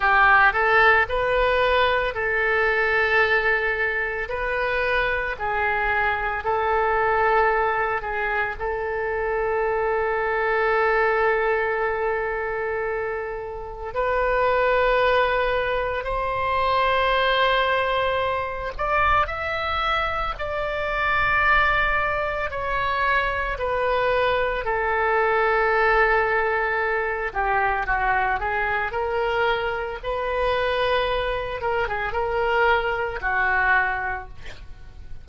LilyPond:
\new Staff \with { instrumentName = "oboe" } { \time 4/4 \tempo 4 = 56 g'8 a'8 b'4 a'2 | b'4 gis'4 a'4. gis'8 | a'1~ | a'4 b'2 c''4~ |
c''4. d''8 e''4 d''4~ | d''4 cis''4 b'4 a'4~ | a'4. g'8 fis'8 gis'8 ais'4 | b'4. ais'16 gis'16 ais'4 fis'4 | }